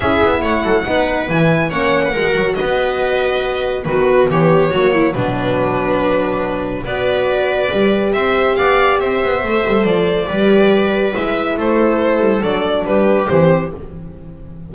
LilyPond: <<
  \new Staff \with { instrumentName = "violin" } { \time 4/4 \tempo 4 = 140 e''4 fis''2 gis''4 | fis''2 dis''2~ | dis''4 b'4 cis''2 | b'1 |
d''2. e''4 | f''4 e''2 d''4~ | d''2 e''4 c''4~ | c''4 d''4 b'4 c''4 | }
  \new Staff \with { instrumentName = "viola" } { \time 4/4 gis'4 cis''8 a'8 b'2 | cis''8. b'16 ais'4 b'2~ | b'4 fis'4 g'4 fis'8 e'8 | d'1 |
b'2. c''4 | d''4 c''2. | b'2. a'4~ | a'2 g'2 | }
  \new Staff \with { instrumentName = "horn" } { \time 4/4 e'2 dis'4 e'4 | cis'4 fis'2.~ | fis'4 b2 ais4 | fis1 |
fis'2 g'2~ | g'2 a'2 | g'2 e'2~ | e'4 d'2 c'4 | }
  \new Staff \with { instrumentName = "double bass" } { \time 4/4 cis'8 b8 a8 fis8 b4 e4 | ais4 gis8 fis8 b2~ | b4 dis4 e4 fis4 | b,1 |
b2 g4 c'4 | b4 c'8 b8 a8 g8 f4 | g2 gis4 a4~ | a8 g8 fis4 g4 e4 | }
>>